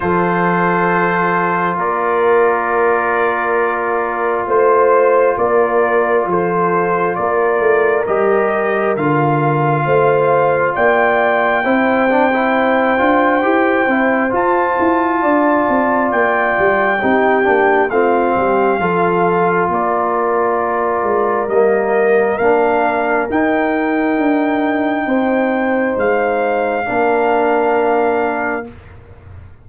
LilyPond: <<
  \new Staff \with { instrumentName = "trumpet" } { \time 4/4 \tempo 4 = 67 c''2 d''2~ | d''4 c''4 d''4 c''4 | d''4 dis''4 f''2 | g''1 |
a''2 g''2 | f''2 d''2 | dis''4 f''4 g''2~ | g''4 f''2. | }
  \new Staff \with { instrumentName = "horn" } { \time 4/4 a'2 ais'2~ | ais'4 c''4 ais'4 a'4 | ais'2. c''4 | d''4 c''2.~ |
c''4 d''2 g'4 | f'8 g'8 a'4 ais'2~ | ais'1 | c''2 ais'2 | }
  \new Staff \with { instrumentName = "trombone" } { \time 4/4 f'1~ | f'1~ | f'4 g'4 f'2~ | f'4 e'8 d'16 e'8. f'8 g'8 e'8 |
f'2. dis'8 d'8 | c'4 f'2. | ais4 d'4 dis'2~ | dis'2 d'2 | }
  \new Staff \with { instrumentName = "tuba" } { \time 4/4 f2 ais2~ | ais4 a4 ais4 f4 | ais8 a8 g4 d4 a4 | ais4 c'4. d'8 e'8 c'8 |
f'8 e'8 d'8 c'8 ais8 g8 c'8 ais8 | a8 g8 f4 ais4. gis8 | g4 ais4 dis'4 d'4 | c'4 gis4 ais2 | }
>>